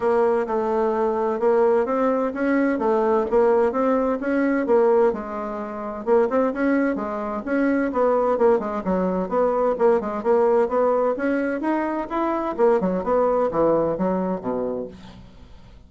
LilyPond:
\new Staff \with { instrumentName = "bassoon" } { \time 4/4 \tempo 4 = 129 ais4 a2 ais4 | c'4 cis'4 a4 ais4 | c'4 cis'4 ais4 gis4~ | gis4 ais8 c'8 cis'4 gis4 |
cis'4 b4 ais8 gis8 fis4 | b4 ais8 gis8 ais4 b4 | cis'4 dis'4 e'4 ais8 fis8 | b4 e4 fis4 b,4 | }